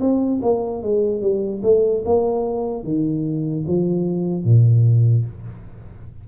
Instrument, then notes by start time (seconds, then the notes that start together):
tuba
0.00 C4
0.42 A#3
0.83 G#3
1.21 G3
1.63 A3
2.05 A#3
2.83 D#3
3.67 F3
4.44 A#2